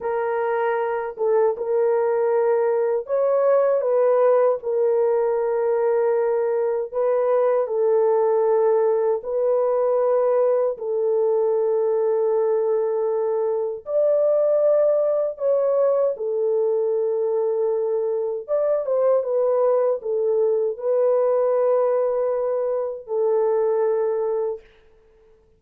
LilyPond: \new Staff \with { instrumentName = "horn" } { \time 4/4 \tempo 4 = 78 ais'4. a'8 ais'2 | cis''4 b'4 ais'2~ | ais'4 b'4 a'2 | b'2 a'2~ |
a'2 d''2 | cis''4 a'2. | d''8 c''8 b'4 a'4 b'4~ | b'2 a'2 | }